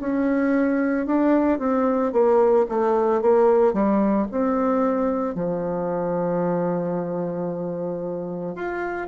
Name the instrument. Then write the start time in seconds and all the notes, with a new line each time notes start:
bassoon
0.00 C#4
1.07 D4
1.59 C4
2.13 A#3
2.69 A3
3.22 A#3
3.74 G3
4.31 C4
5.35 F3
8.55 F4